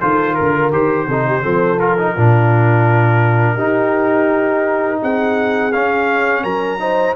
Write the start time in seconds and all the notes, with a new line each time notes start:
0.00 D#3 F4 A4 C5
0.34 D3 A#4
0.72 D#3 G4 C5
1.07 C3 D#4 A4
1.27 G4
1.42 F3 C4 A4
1.79 F4 A#4
1.98 D#4
2.13 A#2 D4 F4
3.54 D#4 G4
5.01 C4 G#4 F#5
5.72 C#4 F5
6.43 F#3 A#4 A#5
6.79 D#4 C5